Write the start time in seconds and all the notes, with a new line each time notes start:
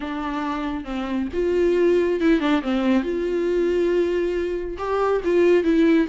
0.00 D4
0.84 C4
1.33 F4
2.20 E4
2.40 D4
2.62 C4
3.03 F4
4.77 G4
5.24 F4
5.63 E4